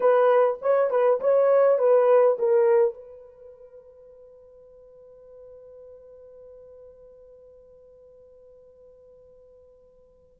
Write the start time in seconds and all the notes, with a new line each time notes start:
0.00 B4
0.61 C#5
0.90 B4
1.20 C#5
1.78 B4
2.38 A#4
2.94 B4